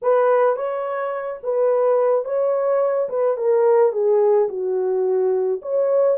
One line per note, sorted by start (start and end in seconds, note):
0.02 0.56 B4
0.56 1.40 C#5
1.43 2.24 B4
2.24 3.08 C#5
3.09 3.37 B4
3.37 3.92 A#4
3.92 4.48 G#4
4.49 5.61 F#4
5.62 6.18 C#5